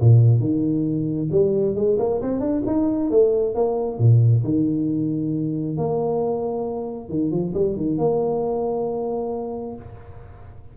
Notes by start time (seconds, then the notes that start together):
0.00 A#2
0.40 D#3
1.31 G3
1.75 G#3
1.99 A#3
2.22 C4
2.40 D4
2.66 D#4
3.11 A3
3.55 A#3
3.99 A#2
4.44 D#3
5.77 A#3
7.09 D#3
7.31 F3
7.54 G3
7.77 D#3
7.98 A#3